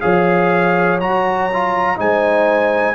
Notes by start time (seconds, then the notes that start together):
0.00 F3 G#4 C#5 F5
1.00 F#3 F#4 A#5
1.52 F4
1.96 G#3 D#4 C5 G#5